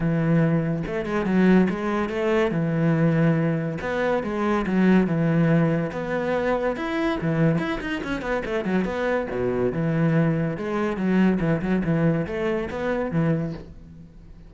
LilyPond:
\new Staff \with { instrumentName = "cello" } { \time 4/4 \tempo 4 = 142 e2 a8 gis8 fis4 | gis4 a4 e2~ | e4 b4 gis4 fis4 | e2 b2 |
e'4 e4 e'8 dis'8 cis'8 b8 | a8 fis8 b4 b,4 e4~ | e4 gis4 fis4 e8 fis8 | e4 a4 b4 e4 | }